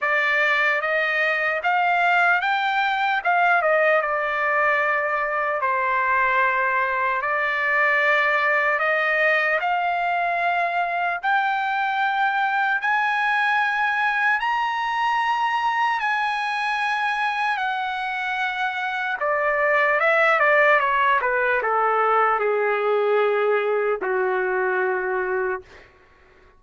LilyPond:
\new Staff \with { instrumentName = "trumpet" } { \time 4/4 \tempo 4 = 75 d''4 dis''4 f''4 g''4 | f''8 dis''8 d''2 c''4~ | c''4 d''2 dis''4 | f''2 g''2 |
gis''2 ais''2 | gis''2 fis''2 | d''4 e''8 d''8 cis''8 b'8 a'4 | gis'2 fis'2 | }